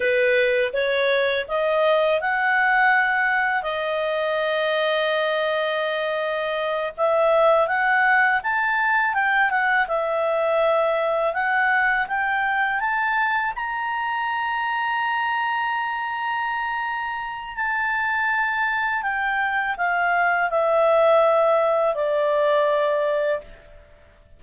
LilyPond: \new Staff \with { instrumentName = "clarinet" } { \time 4/4 \tempo 4 = 82 b'4 cis''4 dis''4 fis''4~ | fis''4 dis''2.~ | dis''4. e''4 fis''4 a''8~ | a''8 g''8 fis''8 e''2 fis''8~ |
fis''8 g''4 a''4 ais''4.~ | ais''1 | a''2 g''4 f''4 | e''2 d''2 | }